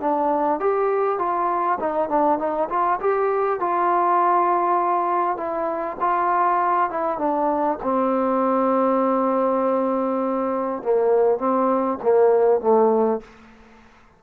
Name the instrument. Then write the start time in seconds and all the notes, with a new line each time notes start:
trombone
0.00 D4
0.59 G4
1.19 F4
1.79 D#4
2.09 D4
2.38 D#4
2.69 F4
3.00 G4
3.59 F4
5.37 E4
6.00 F4
6.90 E4
7.18 D4
7.82 C4
10.82 A#3
11.38 C4
12.02 A#3
12.61 A3